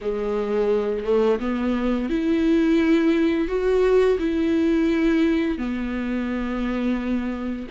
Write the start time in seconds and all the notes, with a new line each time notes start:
0.01 G#3
1.04 A3
1.39 B3
2.09 E4
3.48 F#4
4.19 E4
5.58 B3